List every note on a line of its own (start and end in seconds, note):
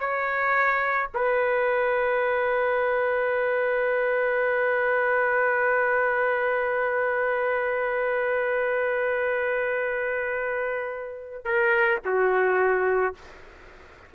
0.00 1.09 C#5
1.15 11.45 B4
11.45 12.00 A#4
12.05 13.15 F#4